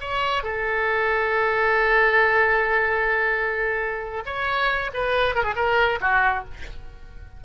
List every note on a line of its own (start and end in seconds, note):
0.00 0.43 C#5
0.43 4.23 A4
4.25 4.91 C#5
4.94 5.35 B4
5.35 5.43 A#4
5.43 5.54 G#4
5.56 5.99 A#4
6.01 6.44 F#4